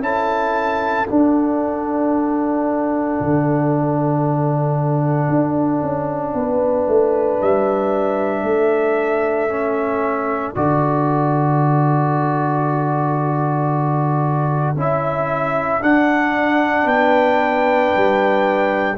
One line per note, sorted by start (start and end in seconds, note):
0.00 1.05 C#4
0.00 1.06 E4
0.00 6.35 A4
0.00 1.08 A5
1.08 3.21 D4
1.08 9.50 D4
1.08 7.39 F#5
3.21 5.29 D3
5.29 5.82 D4
5.82 6.34 C#4
6.34 6.87 B3
6.34 8.47 B4
6.88 7.40 A3
7.42 8.43 G3
7.42 10.55 E5
8.43 10.54 A3
8.43 16.85 A4
9.50 10.55 C#4
10.55 14.76 D3
10.55 14.76 F#4
10.55 14.76 D5
14.76 15.81 C#4
14.76 15.81 E4
14.76 15.83 E5
15.81 18.97 D4
15.81 16.86 D4
15.81 16.88 F#5
16.85 17.91 B3
16.85 18.95 B4
16.85 18.98 G5
17.96 18.98 G3